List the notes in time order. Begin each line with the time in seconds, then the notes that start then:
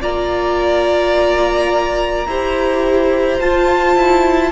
0.00 A#3 F4 D5 A#5
2.26 E4 G4 C5
3.40 F4 A5
3.95 E4